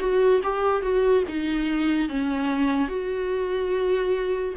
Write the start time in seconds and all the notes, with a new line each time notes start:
0.00 F#4
0.44 G4
0.82 F#4
1.28 D#4
2.09 C#4
2.88 F#4